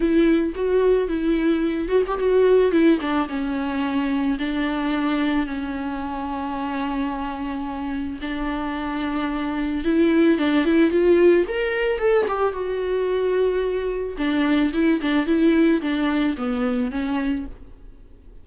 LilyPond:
\new Staff \with { instrumentName = "viola" } { \time 4/4 \tempo 4 = 110 e'4 fis'4 e'4. fis'16 g'16 | fis'4 e'8 d'8 cis'2 | d'2 cis'2~ | cis'2. d'4~ |
d'2 e'4 d'8 e'8 | f'4 ais'4 a'8 g'8 fis'4~ | fis'2 d'4 e'8 d'8 | e'4 d'4 b4 cis'4 | }